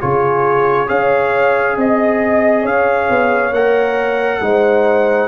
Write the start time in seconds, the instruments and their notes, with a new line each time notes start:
0.00 tuba C#3, trombone F4, horn G#4, trumpet C#5
0.87 tuba C#4, trombone G#4, horn C#5, trumpet F5
1.76 tuba C4, horn D#5, trumpet D#5
2.62 tuba C#4, horn C#5, trumpet F5
3.10 tuba B3
3.51 tuba A#3, trombone A#4, trumpet F#5
4.40 tuba G#3, trombone D#4, horn C5